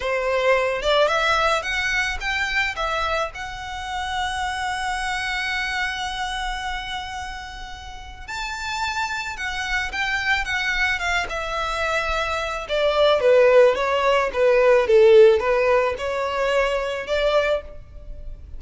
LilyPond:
\new Staff \with { instrumentName = "violin" } { \time 4/4 \tempo 4 = 109 c''4. d''8 e''4 fis''4 | g''4 e''4 fis''2~ | fis''1~ | fis''2. a''4~ |
a''4 fis''4 g''4 fis''4 | f''8 e''2~ e''8 d''4 | b'4 cis''4 b'4 a'4 | b'4 cis''2 d''4 | }